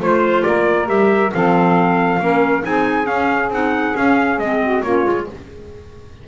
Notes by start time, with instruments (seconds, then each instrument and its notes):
0.00 double bass A3, clarinet F4, saxophone C5, trumpet C5
0.43 double bass A#3, saxophone A#4, trumpet D5
0.86 double bass G3, clarinet G4, trumpet E5
1.34 double bass F3, clarinet C4, saxophone A4, trumpet F5
2.20 double bass A#3, clarinet C#4, saxophone A#4
2.62 double bass C4, clarinet D#4, saxophone G#4, trumpet G#5
3.04 clarinet C#4, double bass C#4, trumpet F5
3.50 double bass C4, clarinet D#4, trumpet F#5
3.95 clarinet C#4, double bass C#4, trumpet F5
4.38 double bass G#3, clarinet C4, trumpet D#5
4.62 saxophone F#4
4.83 double bass A#3, clarinet C#4, saxophone F4, trumpet C#5
5.04 double bass G#3, clarinet F4